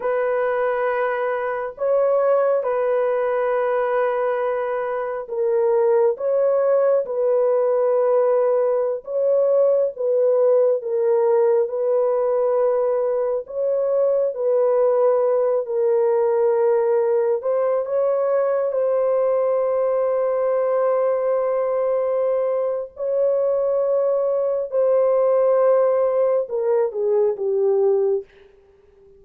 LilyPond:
\new Staff \with { instrumentName = "horn" } { \time 4/4 \tempo 4 = 68 b'2 cis''4 b'4~ | b'2 ais'4 cis''4 | b'2~ b'16 cis''4 b'8.~ | b'16 ais'4 b'2 cis''8.~ |
cis''16 b'4. ais'2 c''16~ | c''16 cis''4 c''2~ c''8.~ | c''2 cis''2 | c''2 ais'8 gis'8 g'4 | }